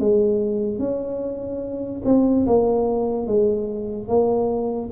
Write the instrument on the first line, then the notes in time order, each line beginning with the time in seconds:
tuba
0.00 G#3
0.80 C#4
2.05 C4
2.47 A#3
3.27 G#3
4.08 A#3